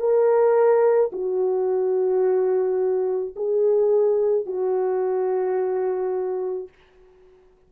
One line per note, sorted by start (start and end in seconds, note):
0.00 1.11 A#4
1.13 3.35 F#4
3.36 4.46 G#4
4.46 6.69 F#4